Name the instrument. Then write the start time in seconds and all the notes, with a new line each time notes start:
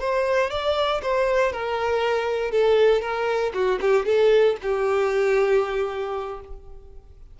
violin
0.00 C5
0.50 D5
1.02 C5
1.52 A#4
2.51 A4
3.01 A#4
3.54 F#4
3.81 G4
4.05 A4
4.62 G4